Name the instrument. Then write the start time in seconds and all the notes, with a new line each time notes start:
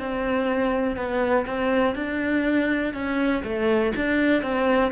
cello
0.00 C4
0.97 B3
1.47 C4
1.95 D4
2.94 C#4
3.44 A3
3.97 D4
4.43 C4